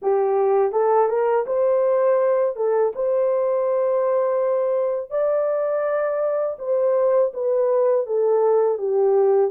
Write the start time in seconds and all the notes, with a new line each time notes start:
0.02 G4
0.72 A4
1.08 A#4
1.46 C5
2.56 A4
2.95 C5
5.10 D5
6.59 C5
7.33 B4
8.06 A4
8.78 G4